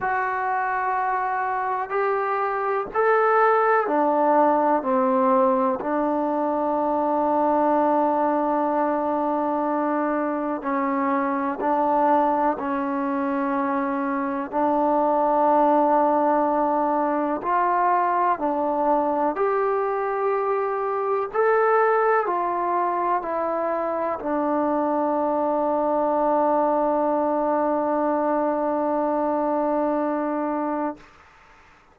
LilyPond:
\new Staff \with { instrumentName = "trombone" } { \time 4/4 \tempo 4 = 62 fis'2 g'4 a'4 | d'4 c'4 d'2~ | d'2. cis'4 | d'4 cis'2 d'4~ |
d'2 f'4 d'4 | g'2 a'4 f'4 | e'4 d'2.~ | d'1 | }